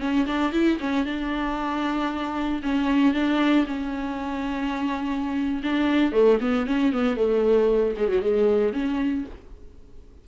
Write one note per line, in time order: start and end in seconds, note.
0.00 0.26 C#4
0.27 0.53 D4
0.53 0.79 E4
0.80 1.06 C#4
1.06 2.62 D4
2.63 3.14 C#4
3.14 3.66 D4
3.67 5.63 C#4
5.63 6.13 D4
6.13 6.39 A3
6.41 6.67 B3
6.67 6.93 C#4
6.93 7.17 B3
7.17 7.95 A3
7.97 8.08 G#3
8.08 8.21 F#3
8.21 8.73 G#3
8.73 9.25 C#4